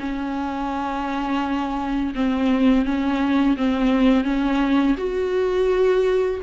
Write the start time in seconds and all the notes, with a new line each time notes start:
0.00 C#4
2.15 C4
2.85 C#4
3.57 C4
4.24 C#4
4.98 F#4